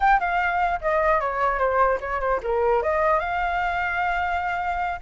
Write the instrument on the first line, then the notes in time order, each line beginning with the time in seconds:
flute
0.00 G5
0.19 F5
0.81 D#5
1.20 C#5
1.59 C5
2.00 C#5
2.20 C5
2.42 A#4
2.82 D#5
3.19 F5